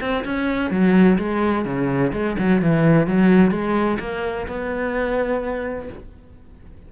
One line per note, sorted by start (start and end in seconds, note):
0.00 0.24 C4
0.24 0.70 C#4
0.70 1.17 F#3
1.18 1.64 G#3
1.64 2.12 C#3
2.12 2.36 G#3
2.38 2.61 F#3
2.61 3.07 E3
3.07 3.50 F#3
3.50 3.98 G#3
3.99 4.46 A#3
4.47 5.88 B3